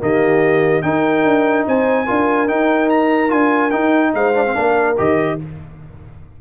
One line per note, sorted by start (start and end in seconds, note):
0.00 0.84 D#3
0.00 0.83 A#3
0.00 0.85 G4
0.00 0.83 D#5
0.83 2.07 D#4
0.83 1.25 D#4
0.83 1.68 A#4
0.83 1.65 G5
1.25 1.66 D4
1.68 2.09 C4
1.68 2.06 C5
1.68 2.48 G#5
2.06 2.51 D4
2.06 2.48 F4
2.06 4.12 A#4
2.48 3.29 D#4
2.48 3.33 D#4
2.48 2.90 G5
2.90 3.31 A#5
3.29 3.74 D4
3.29 3.71 F4
3.29 3.71 G#5
3.71 4.35 D#4
3.71 4.14 D#4
3.71 4.12 G5
4.14 4.56 G#3
4.14 4.55 C5
4.14 4.97 F5
4.35 4.45 D4
4.46 4.55 C4
4.55 4.99 A#3
4.55 4.96 D4
4.55 5.37 A#4
4.98 5.41 D#3
4.98 5.39 G4
4.98 5.40 D#5